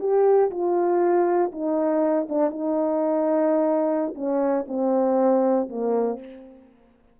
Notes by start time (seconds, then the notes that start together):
0.00 G4
0.51 F4
1.52 D#4
2.29 D4
2.50 D#4
4.15 C#4
4.68 C4
5.69 A#3